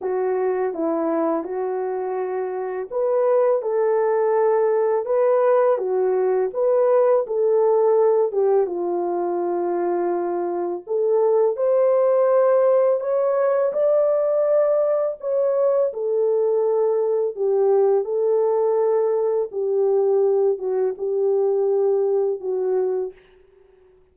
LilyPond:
\new Staff \with { instrumentName = "horn" } { \time 4/4 \tempo 4 = 83 fis'4 e'4 fis'2 | b'4 a'2 b'4 | fis'4 b'4 a'4. g'8 | f'2. a'4 |
c''2 cis''4 d''4~ | d''4 cis''4 a'2 | g'4 a'2 g'4~ | g'8 fis'8 g'2 fis'4 | }